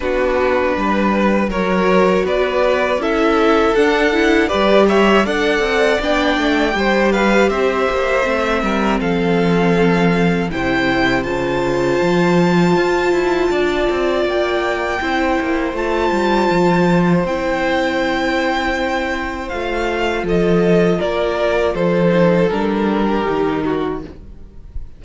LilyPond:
<<
  \new Staff \with { instrumentName = "violin" } { \time 4/4 \tempo 4 = 80 b'2 cis''4 d''4 | e''4 fis''4 d''8 e''8 fis''4 | g''4. f''8 e''2 | f''2 g''4 a''4~ |
a''2. g''4~ | g''4 a''2 g''4~ | g''2 f''4 dis''4 | d''4 c''4 ais'2 | }
  \new Staff \with { instrumentName = "violin" } { \time 4/4 fis'4 b'4 ais'4 b'4 | a'2 b'8 cis''8 d''4~ | d''4 c''8 b'8 c''4. ais'8 | a'2 c''2~ |
c''2 d''2 | c''1~ | c''2. a'4 | ais'4 a'4.~ a'16 g'8. fis'8 | }
  \new Staff \with { instrumentName = "viola" } { \time 4/4 d'2 fis'2 | e'4 d'8 e'8 g'4 a'4 | d'4 g'2 c'4~ | c'2 e'4 f'4~ |
f'1 | e'4 f'2 e'4~ | e'2 f'2~ | f'4. dis'8 d'4 dis'4 | }
  \new Staff \with { instrumentName = "cello" } { \time 4/4 b4 g4 fis4 b4 | cis'4 d'4 g4 d'8 c'8 | b8 a8 g4 c'8 ais8 a8 g8 | f2 c4 cis4 |
f4 f'8 e'8 d'8 c'8 ais4 | c'8 ais8 a8 g8 f4 c'4~ | c'2 a4 f4 | ais4 f4 g4 dis4 | }
>>